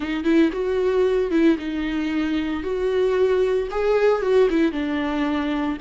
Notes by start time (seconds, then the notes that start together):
0.00 D#4
0.24 E4
0.52 F#4
1.30 E4
1.58 D#4
2.63 F#4
3.70 G#4
4.22 F#4
4.50 E4
4.72 D4